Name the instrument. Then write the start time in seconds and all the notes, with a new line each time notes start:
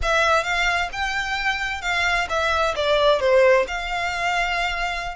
violin
0.02 E5
0.43 F5
0.92 G5
1.81 F5
2.29 E5
2.75 D5
3.20 C5
3.67 F5